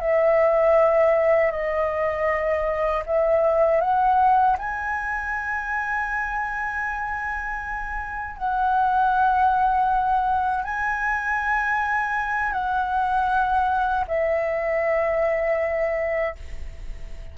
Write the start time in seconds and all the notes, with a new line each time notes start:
0.00 E5
1.51 D#5
3.06 E5
3.81 F#5
4.58 G#5
8.37 F#5
10.64 G#5
12.52 F#5
14.07 E5